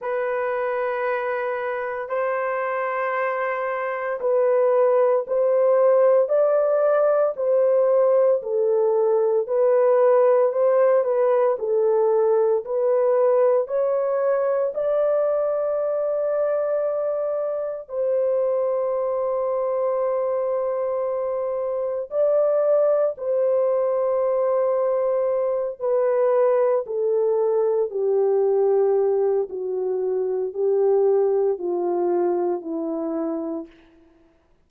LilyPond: \new Staff \with { instrumentName = "horn" } { \time 4/4 \tempo 4 = 57 b'2 c''2 | b'4 c''4 d''4 c''4 | a'4 b'4 c''8 b'8 a'4 | b'4 cis''4 d''2~ |
d''4 c''2.~ | c''4 d''4 c''2~ | c''8 b'4 a'4 g'4. | fis'4 g'4 f'4 e'4 | }